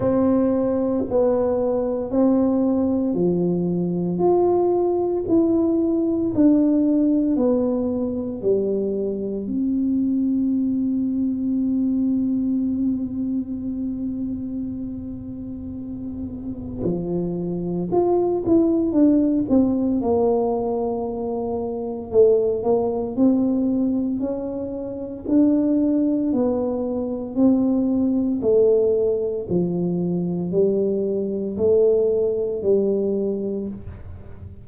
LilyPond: \new Staff \with { instrumentName = "tuba" } { \time 4/4 \tempo 4 = 57 c'4 b4 c'4 f4 | f'4 e'4 d'4 b4 | g4 c'2.~ | c'1 |
f4 f'8 e'8 d'8 c'8 ais4~ | ais4 a8 ais8 c'4 cis'4 | d'4 b4 c'4 a4 | f4 g4 a4 g4 | }